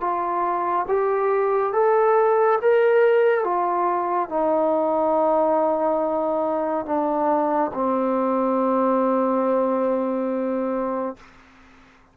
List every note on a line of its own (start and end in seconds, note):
0.00 0.86 F4
0.88 1.73 G4
1.73 2.58 A4
2.61 3.44 A#4
3.44 4.29 F4
4.29 6.85 D#4
6.85 7.71 D4
7.73 11.16 C4